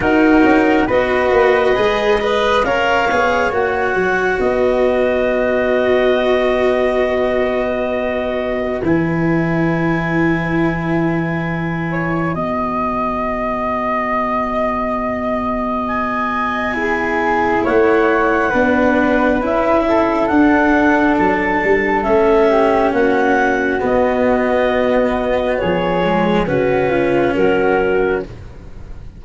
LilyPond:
<<
  \new Staff \with { instrumentName = "clarinet" } { \time 4/4 \tempo 4 = 68 ais'4 dis''2 f''4 | fis''4 dis''2.~ | dis''2 gis''2~ | gis''2 fis''2~ |
fis''2 gis''2 | fis''2 e''4 fis''4 | a''4 e''4 fis''4 dis''4~ | dis''4 cis''4 b'4 ais'4 | }
  \new Staff \with { instrumentName = "flute" } { \time 4/4 fis'4 b'4. dis''8 cis''4~ | cis''4 b'2.~ | b'1~ | b'4. cis''8 dis''2~ |
dis''2. gis'4 | cis''4 b'4. a'4.~ | a'4. g'8 fis'2~ | fis'4 gis'4 fis'8 f'8 fis'4 | }
  \new Staff \with { instrumentName = "cello" } { \time 4/4 dis'4 fis'4 gis'8 b'8 ais'8 gis'8 | fis'1~ | fis'2 e'2~ | e'2 fis'2~ |
fis'2. e'4~ | e'4 d'4 e'4 d'4~ | d'4 cis'2 b4~ | b4. gis8 cis'2 | }
  \new Staff \with { instrumentName = "tuba" } { \time 4/4 dis'8 cis'8 b8 ais8 gis4 cis'8 b8 | ais8 fis8 b2.~ | b2 e2~ | e2 b2~ |
b1 | a4 b4 cis'4 d'4 | fis8 g8 a4 ais4 b4~ | b4 f4 cis4 fis4 | }
>>